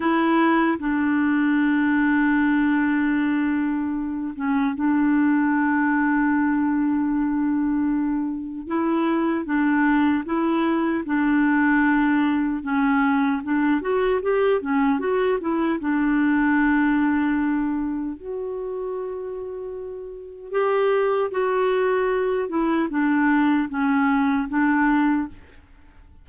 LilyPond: \new Staff \with { instrumentName = "clarinet" } { \time 4/4 \tempo 4 = 76 e'4 d'2.~ | d'4. cis'8 d'2~ | d'2. e'4 | d'4 e'4 d'2 |
cis'4 d'8 fis'8 g'8 cis'8 fis'8 e'8 | d'2. fis'4~ | fis'2 g'4 fis'4~ | fis'8 e'8 d'4 cis'4 d'4 | }